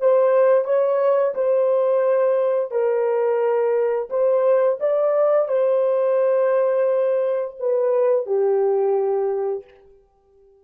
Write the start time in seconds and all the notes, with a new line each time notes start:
0.00 C5
0.65 C#5
1.34 C5
2.71 A#4
4.10 C5
4.80 D5
5.48 C5
7.60 B4
8.26 G4